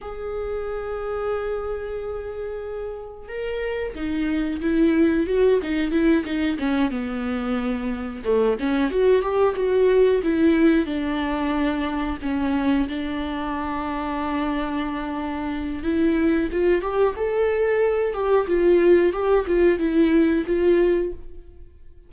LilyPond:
\new Staff \with { instrumentName = "viola" } { \time 4/4 \tempo 4 = 91 gis'1~ | gis'4 ais'4 dis'4 e'4 | fis'8 dis'8 e'8 dis'8 cis'8 b4.~ | b8 a8 cis'8 fis'8 g'8 fis'4 e'8~ |
e'8 d'2 cis'4 d'8~ | d'1 | e'4 f'8 g'8 a'4. g'8 | f'4 g'8 f'8 e'4 f'4 | }